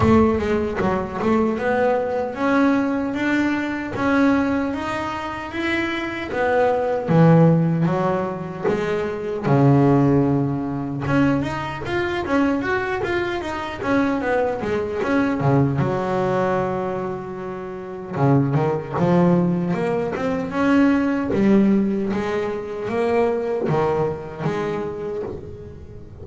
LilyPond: \new Staff \with { instrumentName = "double bass" } { \time 4/4 \tempo 4 = 76 a8 gis8 fis8 a8 b4 cis'4 | d'4 cis'4 dis'4 e'4 | b4 e4 fis4 gis4 | cis2 cis'8 dis'8 f'8 cis'8 |
fis'8 f'8 dis'8 cis'8 b8 gis8 cis'8 cis8 | fis2. cis8 dis8 | f4 ais8 c'8 cis'4 g4 | gis4 ais4 dis4 gis4 | }